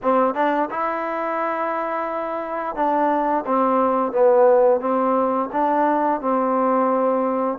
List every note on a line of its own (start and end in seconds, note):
0.02 0.34 C4
0.34 0.69 D4
0.70 2.75 E4
2.75 3.44 D4
3.45 4.12 C4
4.12 4.80 B3
4.80 5.49 C4
5.52 6.20 D4
6.20 7.58 C4